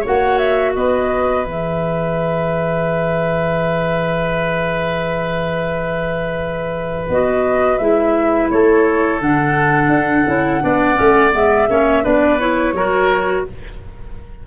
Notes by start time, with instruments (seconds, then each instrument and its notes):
0.00 clarinet F#4, oboe C#5, flute F#5
0.06 tuba A#3
0.37 flute E5
0.75 tuba B3, oboe B4, flute D#5
1.44 tuba E3, clarinet G#4, flute E5
7.09 tuba B3, clarinet F#4, flute D#5
7.77 tuba G#3, clarinet E4, flute E5
8.50 tuba A3, oboe A4, flute C#5
9.21 tuba D3, clarinet D4, flute F#5
9.88 tuba D4
10.27 tuba C#4, clarinet E4
10.61 tuba B3, clarinet D4, oboe D5
10.94 tuba A3, clarinet C#4
11.31 tuba G#3, clarinet B3, flute E5
11.69 tuba A#3, clarinet C#4, oboe C#5
12.03 tuba B3, clarinet D4, oboe B4, flute D5
12.39 clarinet E4, flute C#5
12.72 tuba F#3, clarinet F#4, oboe A#4